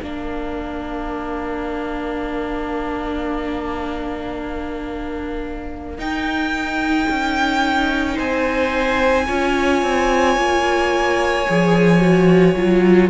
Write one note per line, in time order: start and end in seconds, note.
0.00 5.98 A#3
0.00 5.98 D4
0.00 8.15 A#4
0.00 6.00 F5
5.98 9.25 D#4
5.98 7.07 D#4
5.98 8.18 G5
7.10 8.19 C#4
8.15 9.28 C4
8.15 9.25 C5
8.15 13.09 G#5
9.27 9.82 C#4
9.27 11.45 F4
9.27 13.09 C#5
9.82 10.37 C4
10.37 11.46 A#3
11.47 12.55 F3
11.47 12.00 G#4
12.00 12.55 F#4
12.55 13.10 F#3
12.55 13.10 F4